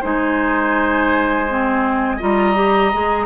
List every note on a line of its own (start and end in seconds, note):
0.00 2.21 G#3
0.00 1.47 D#4
0.00 2.17 C5
0.00 2.21 G#5
1.49 2.20 C4
2.17 2.94 G3
2.17 2.55 F4
2.17 3.25 D#5
2.17 3.26 A#5
2.55 2.91 G4
2.93 3.26 G#3
2.93 3.26 G#4